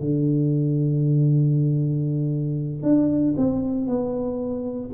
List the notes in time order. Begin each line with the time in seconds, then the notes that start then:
0.00 D3
2.83 D4
3.37 C4
3.87 B3